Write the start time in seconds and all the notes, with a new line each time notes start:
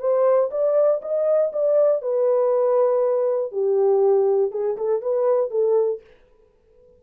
0.00 C5
0.51 D5
1.02 D#5
1.52 D5
2.02 B4
3.52 G4
4.51 G#4
4.77 A4
5.02 B4
5.51 A4